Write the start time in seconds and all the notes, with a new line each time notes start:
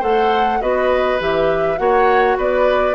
0.00 A3 A4 C5 F#5
0.61 B3 F#4 B4 D#5
1.20 E3 G4 E5
1.77 A#3 F#4 C#5 F#5
2.38 B3 B4 D5